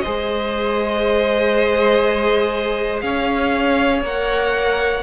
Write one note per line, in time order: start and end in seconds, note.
0.00 4.05 G#4
0.00 3.04 C5
0.00 3.00 D#5
0.06 3.03 G#3
3.01 4.02 C#4
3.01 5.03 C#5
3.01 4.01 F5
4.02 5.02 A#3
4.02 5.03 A#4
4.02 5.03 F#5